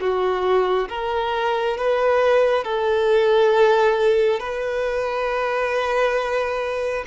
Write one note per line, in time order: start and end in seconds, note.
0.00 0.88 F#4
0.89 1.77 A#4
1.77 2.64 B4
2.64 4.39 A4
4.39 7.04 B4